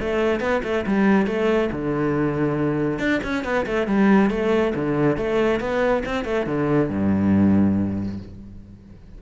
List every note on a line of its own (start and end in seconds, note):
0.00 0.40 A3
0.40 0.62 B3
0.64 0.85 A3
0.87 1.27 G3
1.27 1.70 A3
1.72 2.99 D3
2.99 3.21 D4
3.23 3.44 C#4
3.44 3.66 B3
3.66 3.87 A3
3.87 4.30 G3
4.30 4.73 A3
4.75 5.17 D3
5.17 5.60 A3
5.60 6.04 B3
6.06 6.25 C4
6.25 6.46 A3
6.46 6.89 D3
6.90 8.19 G2